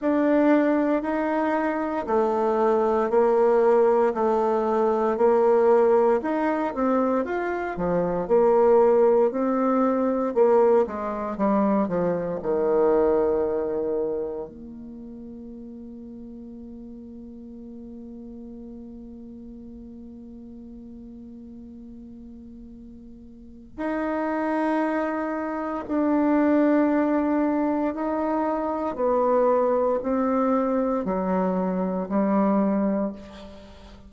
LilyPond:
\new Staff \with { instrumentName = "bassoon" } { \time 4/4 \tempo 4 = 58 d'4 dis'4 a4 ais4 | a4 ais4 dis'8 c'8 f'8 f8 | ais4 c'4 ais8 gis8 g8 f8 | dis2 ais2~ |
ais1~ | ais2. dis'4~ | dis'4 d'2 dis'4 | b4 c'4 fis4 g4 | }